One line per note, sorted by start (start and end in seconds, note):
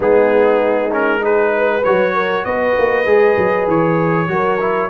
0.00 1.83 G#3
0.00 0.90 B3
0.00 1.21 D#4
0.00 0.93 G#4
0.91 1.21 C#4
0.91 1.24 A#4
1.21 1.82 D#4
1.21 1.53 G#4
1.21 1.84 B4
1.57 2.14 B4
1.84 2.45 F#3
1.84 3.05 F#4
1.84 2.44 C#5
2.14 2.44 A#4
2.44 2.75 B3
2.44 4.30 B4
2.44 3.67 D#5
2.78 3.06 A#3
3.05 3.36 G#3
3.05 4.28 G#4
3.37 3.67 F#3
3.67 4.28 E3
3.67 4.90 C#5
4.28 4.89 F#3
4.28 4.58 F#4
4.28 4.90 A#4
4.60 4.90 E4